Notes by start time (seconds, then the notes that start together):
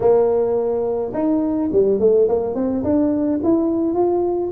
0.00 A#3
1.13 D#4
1.72 G3
1.99 A3
2.28 A#3
2.54 C4
2.83 D4
3.43 E4
3.94 F4